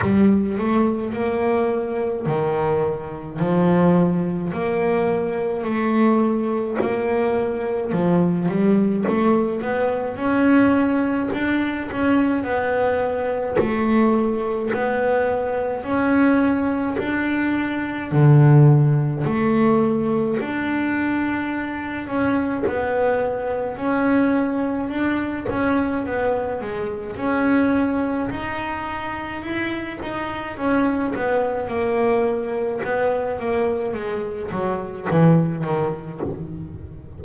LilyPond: \new Staff \with { instrumentName = "double bass" } { \time 4/4 \tempo 4 = 53 g8 a8 ais4 dis4 f4 | ais4 a4 ais4 f8 g8 | a8 b8 cis'4 d'8 cis'8 b4 | a4 b4 cis'4 d'4 |
d4 a4 d'4. cis'8 | b4 cis'4 d'8 cis'8 b8 gis8 | cis'4 dis'4 e'8 dis'8 cis'8 b8 | ais4 b8 ais8 gis8 fis8 e8 dis8 | }